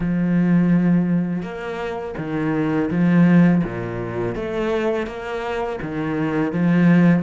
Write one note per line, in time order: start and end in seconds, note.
0.00 1.42 F3
1.42 2.14 A#3
2.17 2.89 D#3
2.90 3.62 F3
3.64 4.35 A#2
4.35 5.06 A3
5.06 5.79 A#3
5.82 6.52 D#3
6.52 7.22 F3